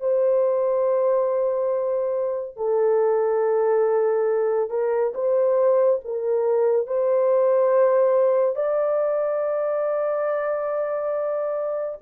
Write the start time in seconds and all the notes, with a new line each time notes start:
0.00 C5
2.56 A4
4.70 A#4
5.14 C5
6.04 A#4
6.86 C5
8.56 D5